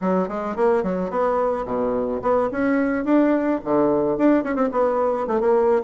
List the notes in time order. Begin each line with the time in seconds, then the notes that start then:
0.01 F#3
0.28 G#3
0.56 A#3
0.83 F#3
1.10 B3
1.65 B2
2.21 B3
2.52 C#4
3.04 D4
3.64 D3
4.17 D4
4.44 C#4
4.55 C4
4.71 B3
5.27 A3
5.40 A#3